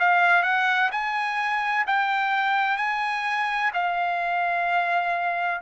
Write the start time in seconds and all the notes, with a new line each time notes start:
0.00 F5
0.43 F#5
0.92 G#5
1.87 G5
2.78 G#5
3.74 F5